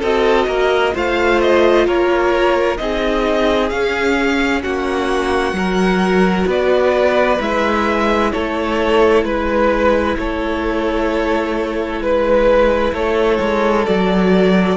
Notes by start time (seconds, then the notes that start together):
0.00 C4 F#4 A4 D#5
0.48 A#3 A#4
0.94 A3 F4 C5 F5
1.41 D#5
1.87 A#3 A#4 C#5
2.78 C4 D#4 G#4 D#5
3.70 C#4 F5
4.63 A#3 F#4 F#5
5.53 F#3 F#4 A#4
6.47 B3 B4 D5
7.39 G#3 E4 E5
8.32 A3 A4 C#5
9.24 G#3 B4
10.18 A3 A4 C#5
12.01 G#3 B4
12.93 A3 A4 C#5
13.41 G#3
13.87 F#3 F#4 D5